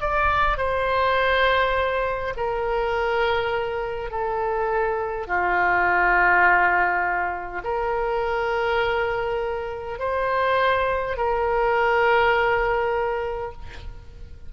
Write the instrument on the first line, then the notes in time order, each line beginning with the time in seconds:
oboe
0.00 D5
0.57 C5
2.36 A#4
4.11 A4
5.27 F4
7.64 A#4
9.99 C5
11.17 A#4